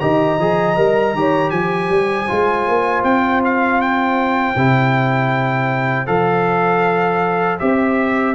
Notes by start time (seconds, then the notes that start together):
0.00 D#3 G4 D#5 A#5
0.39 F3 G#4
0.77 G3 A#4
1.15 D#3 G4 C#5
1.51 F3 C5 G#5
1.90 G3
2.28 G#3 F4
2.69 A#3
3.04 C4 G5
3.45 F5
3.81 G5
4.56 C3 E4
6.07 F3 A4 F5
7.59 C4 G4 E5